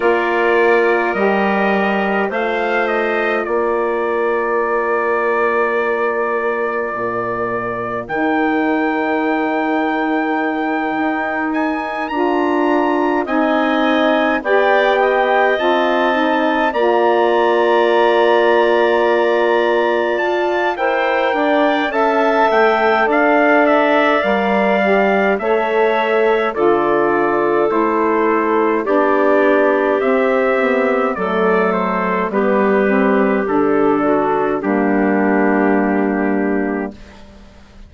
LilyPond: <<
  \new Staff \with { instrumentName = "trumpet" } { \time 4/4 \tempo 4 = 52 d''4 dis''4 f''8 dis''8 d''4~ | d''2. g''4~ | g''2 gis''8 ais''4 gis''8~ | gis''8 g''4 a''4 ais''4.~ |
ais''4. a''8 g''4 a''8 g''8 | f''8 e''8 f''4 e''4 d''4 | c''4 d''4 e''4 d''8 c''8 | b'4 a'4 g'2 | }
  \new Staff \with { instrumentName = "clarinet" } { \time 4/4 ais'2 c''4 ais'4~ | ais'1~ | ais'2.~ ais'8 dis''8~ | dis''8 d''8 dis''4. d''4.~ |
d''2 c''8 d''8 e''4 | d''2 cis''4 a'4~ | a'4 g'2 a'4 | g'4. fis'8 d'2 | }
  \new Staff \with { instrumentName = "saxophone" } { \time 4/4 f'4 g'4 f'2~ | f'2. dis'4~ | dis'2~ dis'8 f'4 dis'8~ | dis'8 g'4 f'8 dis'8 f'4.~ |
f'2 ais'4 a'4~ | a'4 ais'8 g'8 a'4 f'4 | e'4 d'4 c'8 b8 a4 | b8 c'8 d'4 ais2 | }
  \new Staff \with { instrumentName = "bassoon" } { \time 4/4 ais4 g4 a4 ais4~ | ais2 ais,4 dis4~ | dis4. dis'4 d'4 c'8~ | c'8 b4 c'4 ais4.~ |
ais4. f'8 e'8 d'8 cis'8 a8 | d'4 g4 a4 d4 | a4 b4 c'4 fis4 | g4 d4 g2 | }
>>